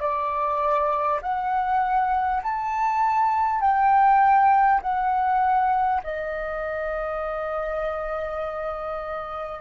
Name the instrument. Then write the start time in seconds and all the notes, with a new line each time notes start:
flute
0.00 D5
1.22 F#5
2.43 A5
3.61 G5
4.82 F#5
6.04 D#5